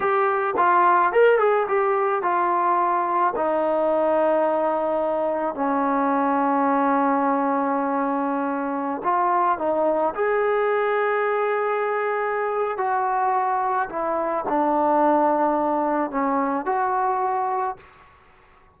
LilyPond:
\new Staff \with { instrumentName = "trombone" } { \time 4/4 \tempo 4 = 108 g'4 f'4 ais'8 gis'8 g'4 | f'2 dis'2~ | dis'2 cis'2~ | cis'1~ |
cis'16 f'4 dis'4 gis'4.~ gis'16~ | gis'2. fis'4~ | fis'4 e'4 d'2~ | d'4 cis'4 fis'2 | }